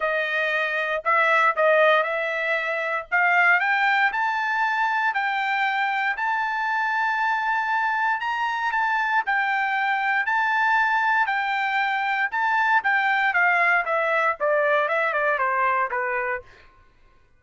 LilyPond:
\new Staff \with { instrumentName = "trumpet" } { \time 4/4 \tempo 4 = 117 dis''2 e''4 dis''4 | e''2 f''4 g''4 | a''2 g''2 | a''1 |
ais''4 a''4 g''2 | a''2 g''2 | a''4 g''4 f''4 e''4 | d''4 e''8 d''8 c''4 b'4 | }